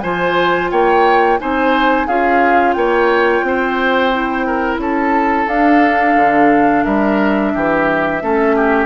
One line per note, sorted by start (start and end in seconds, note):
0.00 0.71 F3
0.00 1.39 F4
0.00 0.70 C5
0.00 0.68 G#5
0.71 1.39 A#3
0.71 1.39 C#5
0.71 1.39 G5
1.39 2.07 C4
1.39 2.07 D#4
1.39 2.07 C5
1.39 2.07 G#5
2.07 2.75 C#4
2.07 4.12 F4
2.07 2.75 G#4
2.07 2.73 F5
2.73 3.42 A#3
2.73 3.45 C#5
2.73 4.77 G5
3.42 4.77 C4
3.42 4.46 C5
4.12 5.47 E4
4.46 4.80 A#4
4.77 5.45 C#4
4.77 6.84 A4
4.77 5.48 A5
5.46 6.14 D4
5.46 8.20 D4
5.46 6.84 F5
6.15 6.84 D3
6.84 7.53 G3
6.84 7.52 A#4
6.84 8.86 E5
7.54 8.22 E3
7.54 8.22 G4
8.21 8.86 A3
8.21 8.86 C#4
8.21 8.56 A4
8.56 8.86 G4